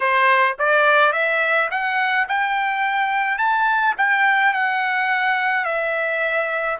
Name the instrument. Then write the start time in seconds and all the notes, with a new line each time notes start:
trumpet
0.00 C5
0.58 D5
1.12 E5
1.70 F#5
2.28 G5
3.38 A5
3.97 G5
4.53 F#5
5.64 E5